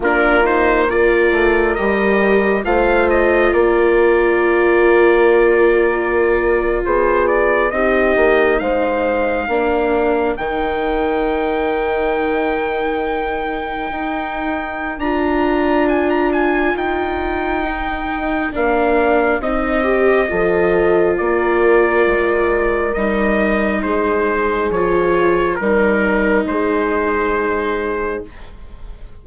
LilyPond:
<<
  \new Staff \with { instrumentName = "trumpet" } { \time 4/4 \tempo 4 = 68 ais'8 c''8 d''4 dis''4 f''8 dis''8 | d''2.~ d''8. c''16~ | c''16 d''8 dis''4 f''2 g''16~ | g''1~ |
g''4 ais''4 gis''16 ais''16 gis''8 g''4~ | g''4 f''4 dis''2 | d''2 dis''4 c''4 | cis''4 ais'4 c''2 | }
  \new Staff \with { instrumentName = "horn" } { \time 4/4 f'4 ais'2 c''4 | ais'2.~ ais'8. gis'16~ | gis'8. g'4 c''4 ais'4~ ais'16~ | ais'1~ |
ais'1~ | ais'2. a'4 | ais'2. gis'4~ | gis'4 ais'4 gis'2 | }
  \new Staff \with { instrumentName = "viola" } { \time 4/4 d'8 dis'8 f'4 g'4 f'4~ | f'1~ | f'8. dis'2 d'4 dis'16~ | dis'1~ |
dis'4 f'2. | dis'4 d'4 dis'8 g'8 f'4~ | f'2 dis'2 | f'4 dis'2. | }
  \new Staff \with { instrumentName = "bassoon" } { \time 4/4 ais4. a8 g4 a4 | ais2.~ ais8. b16~ | b8. c'8 ais8 gis4 ais4 dis16~ | dis2.~ dis8. dis'16~ |
dis'4 d'2 dis'4~ | dis'4 ais4 c'4 f4 | ais4 gis4 g4 gis4 | f4 g4 gis2 | }
>>